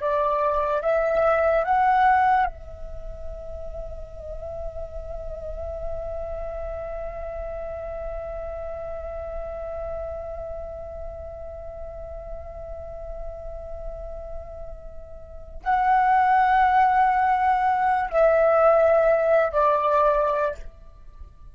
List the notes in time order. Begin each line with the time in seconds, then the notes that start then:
0.00 D5
0.82 E5
1.64 F#5
2.46 E5
15.64 F#5
18.10 E5
19.52 D5